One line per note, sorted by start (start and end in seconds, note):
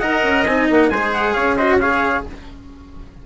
0.00 0.24 D#4
0.00 0.47 A#4
0.00 0.90 D#5
0.00 0.44 F#5
0.24 0.46 C#4
0.46 0.69 C4
0.46 0.92 D#4
0.46 0.68 G#5
0.71 0.92 A#3
0.71 0.90 F#5
0.90 1.36 G#3
0.90 1.59 G#4
0.90 1.34 C5
0.90 1.12 G#5
1.14 1.34 F#5
1.34 2.25 C#4
1.34 1.57 C#5
1.34 1.56 F5
1.57 1.81 F#4
1.57 1.79 C5
1.57 1.79 D#5
1.81 2.26 G#4
1.81 2.26 C#5
1.81 2.25 F5